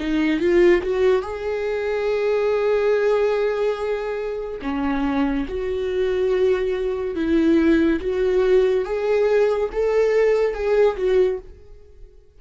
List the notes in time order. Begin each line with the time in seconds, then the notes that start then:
0.00 D#4
0.40 F4
0.83 F#4
1.22 G#4
4.62 C#4
5.49 F#4
7.16 E4
8.01 F#4
8.85 G#4
9.72 A4
10.54 G#4
10.97 F#4